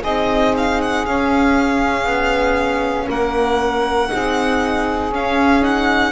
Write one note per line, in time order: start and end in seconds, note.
0.00 1.05 C4
0.00 1.06 D#4
0.00 3.05 G#4
0.00 0.55 D#5
0.57 0.81 F5
0.81 1.06 F#5
1.06 2.05 C#4
1.06 4.08 C#4
1.06 3.09 F5
2.05 3.07 B3
3.07 4.11 A#3
3.07 4.09 A#4
3.07 5.14 F#5
4.08 5.11 C4
4.08 5.10 D#4
4.08 6.12 G#4
5.11 6.12 C#4
5.11 5.61 C#4
5.11 5.64 F5
5.61 6.12 D#4
5.61 6.12 F#5